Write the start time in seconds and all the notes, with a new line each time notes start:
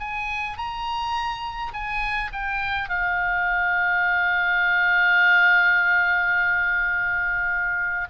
0.00 G#5
0.57 A#5
1.73 G#5
2.32 G5
2.89 F5